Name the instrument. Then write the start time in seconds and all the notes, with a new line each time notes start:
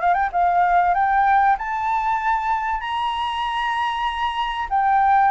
flute
0.00 F5
0.14 G5
0.32 F5
0.94 G5
1.58 A5
2.80 A#5
4.69 G5